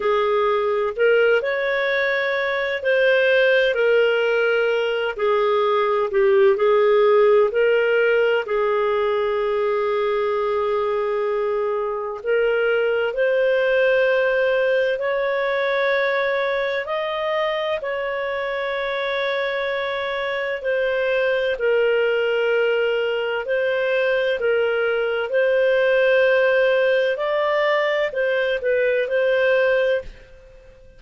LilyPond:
\new Staff \with { instrumentName = "clarinet" } { \time 4/4 \tempo 4 = 64 gis'4 ais'8 cis''4. c''4 | ais'4. gis'4 g'8 gis'4 | ais'4 gis'2.~ | gis'4 ais'4 c''2 |
cis''2 dis''4 cis''4~ | cis''2 c''4 ais'4~ | ais'4 c''4 ais'4 c''4~ | c''4 d''4 c''8 b'8 c''4 | }